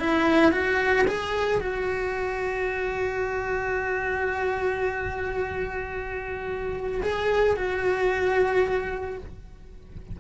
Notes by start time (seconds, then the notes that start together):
0.00 E4
0.52 F#4
1.08 G#4
1.61 F#4
7.03 G#4
7.57 F#4